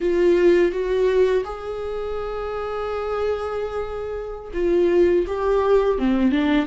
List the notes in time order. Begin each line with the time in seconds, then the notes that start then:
0.00 F4
0.71 F#4
1.44 G#4
4.53 F4
5.26 G4
5.98 C4
6.31 D4